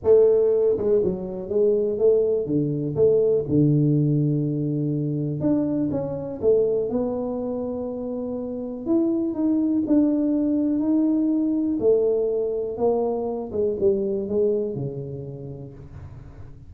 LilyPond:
\new Staff \with { instrumentName = "tuba" } { \time 4/4 \tempo 4 = 122 a4. gis8 fis4 gis4 | a4 d4 a4 d4~ | d2. d'4 | cis'4 a4 b2~ |
b2 e'4 dis'4 | d'2 dis'2 | a2 ais4. gis8 | g4 gis4 cis2 | }